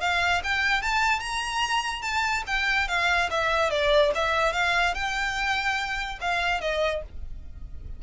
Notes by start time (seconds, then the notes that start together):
0.00 F5
0.43 G5
0.82 A5
1.19 A#5
2.02 A5
2.47 G5
2.88 F5
3.30 E5
3.70 D5
4.14 E5
4.53 F5
4.94 G5
6.21 F5
6.61 D#5